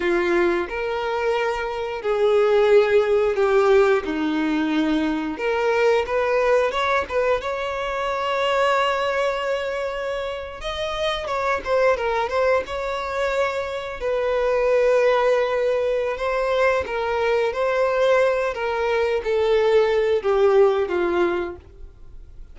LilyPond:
\new Staff \with { instrumentName = "violin" } { \time 4/4 \tempo 4 = 89 f'4 ais'2 gis'4~ | gis'4 g'4 dis'2 | ais'4 b'4 cis''8 b'8 cis''4~ | cis''2.~ cis''8. dis''16~ |
dis''8. cis''8 c''8 ais'8 c''8 cis''4~ cis''16~ | cis''8. b'2.~ b'16 | c''4 ais'4 c''4. ais'8~ | ais'8 a'4. g'4 f'4 | }